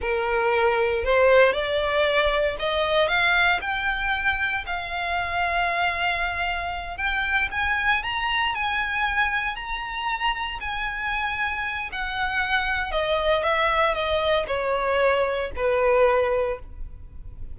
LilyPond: \new Staff \with { instrumentName = "violin" } { \time 4/4 \tempo 4 = 116 ais'2 c''4 d''4~ | d''4 dis''4 f''4 g''4~ | g''4 f''2.~ | f''4. g''4 gis''4 ais''8~ |
ais''8 gis''2 ais''4.~ | ais''8 gis''2~ gis''8 fis''4~ | fis''4 dis''4 e''4 dis''4 | cis''2 b'2 | }